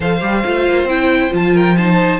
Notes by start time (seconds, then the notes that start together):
0.00 F3 A4 C5 F5
0.20 G3 G4
0.44 A3 F4
0.68 A#3
0.84 C4 E4 G5
1.30 F3 F4 A5
1.53 A#4 G5
1.76 D#4 C5 A5